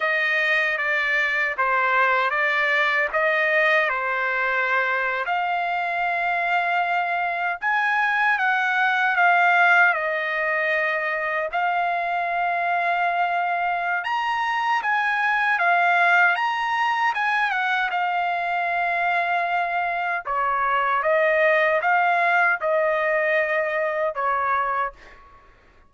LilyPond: \new Staff \with { instrumentName = "trumpet" } { \time 4/4 \tempo 4 = 77 dis''4 d''4 c''4 d''4 | dis''4 c''4.~ c''16 f''4~ f''16~ | f''4.~ f''16 gis''4 fis''4 f''16~ | f''8. dis''2 f''4~ f''16~ |
f''2 ais''4 gis''4 | f''4 ais''4 gis''8 fis''8 f''4~ | f''2 cis''4 dis''4 | f''4 dis''2 cis''4 | }